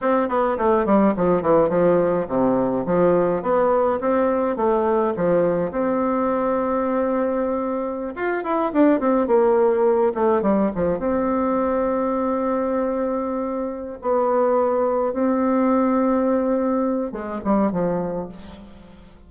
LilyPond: \new Staff \with { instrumentName = "bassoon" } { \time 4/4 \tempo 4 = 105 c'8 b8 a8 g8 f8 e8 f4 | c4 f4 b4 c'4 | a4 f4 c'2~ | c'2~ c'16 f'8 e'8 d'8 c'16~ |
c'16 ais4. a8 g8 f8 c'8.~ | c'1~ | c'8 b2 c'4.~ | c'2 gis8 g8 f4 | }